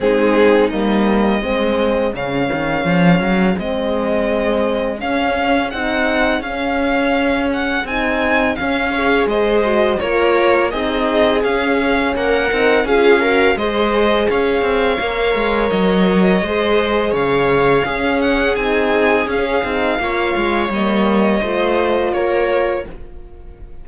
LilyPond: <<
  \new Staff \with { instrumentName = "violin" } { \time 4/4 \tempo 4 = 84 gis'4 dis''2 f''4~ | f''4 dis''2 f''4 | fis''4 f''4. fis''8 gis''4 | f''4 dis''4 cis''4 dis''4 |
f''4 fis''4 f''4 dis''4 | f''2 dis''2 | f''4. fis''8 gis''4 f''4~ | f''4 dis''2 cis''4 | }
  \new Staff \with { instrumentName = "viola" } { \time 4/4 dis'2 gis'2~ | gis'1~ | gis'1~ | gis'8 cis''8 c''4 ais'4 gis'4~ |
gis'4 ais'4 gis'8 ais'8 c''4 | cis''2. c''4 | cis''4 gis'2. | cis''2 c''4 ais'4 | }
  \new Staff \with { instrumentName = "horn" } { \time 4/4 c'4 ais4 c'4 cis'4~ | cis'4 c'2 cis'4 | dis'4 cis'2 dis'4 | cis'8 gis'4 fis'8 f'4 dis'4 |
cis'4. dis'8 f'8 fis'8 gis'4~ | gis'4 ais'2 gis'4~ | gis'4 cis'4 dis'4 cis'8 dis'8 | f'4 ais4 f'2 | }
  \new Staff \with { instrumentName = "cello" } { \time 4/4 gis4 g4 gis4 cis8 dis8 | f8 fis8 gis2 cis'4 | c'4 cis'2 c'4 | cis'4 gis4 ais4 c'4 |
cis'4 ais8 c'8 cis'4 gis4 | cis'8 c'8 ais8 gis8 fis4 gis4 | cis4 cis'4 c'4 cis'8 c'8 | ais8 gis8 g4 a4 ais4 | }
>>